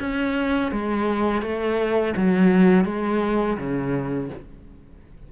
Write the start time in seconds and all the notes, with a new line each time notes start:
0.00 C#4
0.72 G#3
1.42 A3
2.17 F#3
2.85 G#3
3.58 C#3